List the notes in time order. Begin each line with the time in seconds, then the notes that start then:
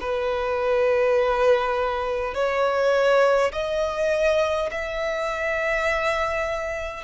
0.00 B4
2.34 C#5
3.52 D#5
4.71 E5